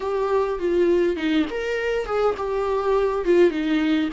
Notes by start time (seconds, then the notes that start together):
0.00 G4
0.59 F4
1.16 D#4
1.50 A#4
2.05 G#4
2.37 G4
3.25 F4
3.50 D#4